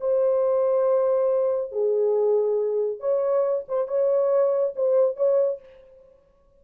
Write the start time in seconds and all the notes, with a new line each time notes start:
0.00 C5
1.71 G#4
3.00 C#5
3.68 C5
3.88 C#5
4.76 C5
5.16 C#5